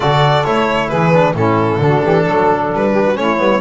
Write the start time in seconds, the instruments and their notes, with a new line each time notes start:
0.00 double bass D3, trombone F#4, saxophone A4, violin D5
0.43 double bass A3, trombone E4, violin C#5
0.88 double bass E3, saxophone G#4, violin B4
1.12 trombone D4
1.33 double bass A2, trombone C#4, saxophone E4, violin A4
1.76 double bass D3
1.82 trombone D4, saxophone F#4
2.03 double bass E3, saxophone G4
2.23 double bass F#3, saxophone A4
2.71 double bass G3, violin B4
2.93 saxophone G4
3.05 saxophone F#4
3.14 double bass A3, trombone C#4, saxophone E4, violin C#5
3.38 double bass G3, trombone B3